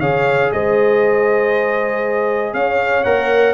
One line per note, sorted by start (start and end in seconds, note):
0.00 0.51 C#3
0.00 3.04 G#4
0.00 0.51 C#5
0.00 0.51 F5
0.52 2.53 G#3
0.52 2.56 C5
0.52 2.53 D#5
2.53 3.04 C#4
2.53 3.53 C#5
2.53 3.03 F5
3.03 3.53 A#3
3.03 3.53 A#4
3.03 3.53 F#5